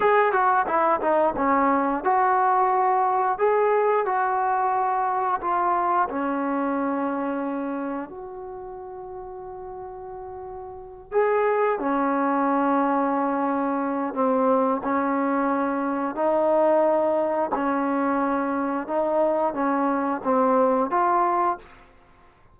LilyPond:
\new Staff \with { instrumentName = "trombone" } { \time 4/4 \tempo 4 = 89 gis'8 fis'8 e'8 dis'8 cis'4 fis'4~ | fis'4 gis'4 fis'2 | f'4 cis'2. | fis'1~ |
fis'8 gis'4 cis'2~ cis'8~ | cis'4 c'4 cis'2 | dis'2 cis'2 | dis'4 cis'4 c'4 f'4 | }